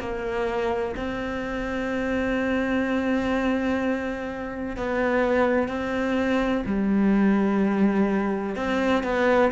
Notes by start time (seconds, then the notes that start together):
0.00 A#3
0.97 C4
4.77 B3
5.69 C4
6.66 G3
8.56 C4
9.04 B3